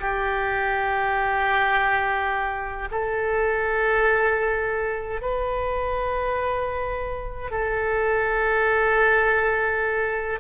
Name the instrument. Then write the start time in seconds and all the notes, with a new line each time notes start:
oboe
0.00 G4
2.91 A4
5.21 B4
7.51 A4